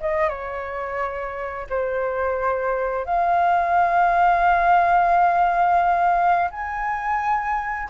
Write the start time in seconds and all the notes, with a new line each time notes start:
0.00 D#5
0.29 C#5
1.70 C5
3.05 F5
6.51 G#5